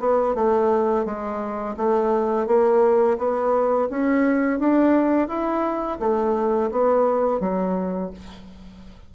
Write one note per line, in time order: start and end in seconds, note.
0.00 0.35 B3
0.35 1.06 A3
1.06 1.76 G#3
1.77 2.47 A3
2.47 3.18 A#3
3.18 3.89 B3
3.90 4.59 C#4
4.59 5.28 D4
5.28 5.99 E4
6.00 6.71 A3
6.71 7.40 B3
7.40 8.11 F#3